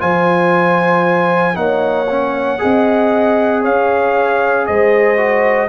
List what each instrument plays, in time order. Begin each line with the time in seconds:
0.00 tuba F3, trombone F4, horn C5, trumpet G#5
1.55 tuba A#3, trombone D#4, horn C#5, trumpet F#5
2.10 trombone C#4
2.59 tuba C4, trombone G#4, horn D#5
3.62 tuba C#4, horn C#5, trumpet F5
4.66 tuba G#3, horn C5, trumpet D#5
5.18 trombone F#4